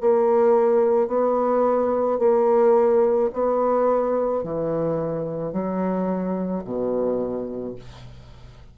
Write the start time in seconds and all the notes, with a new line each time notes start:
0.00 A#3
1.08 B3
2.19 A#3
3.33 B3
4.43 E3
5.53 F#3
6.64 B2